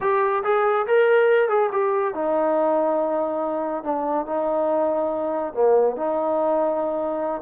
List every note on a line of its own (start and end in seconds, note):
0.00 0.43 G4
0.43 0.86 G#4
0.86 1.49 A#4
1.49 1.70 G#4
1.71 2.14 G4
2.14 3.83 D#4
3.83 4.26 D4
4.26 5.53 D#4
5.53 5.96 A#3
5.96 7.41 D#4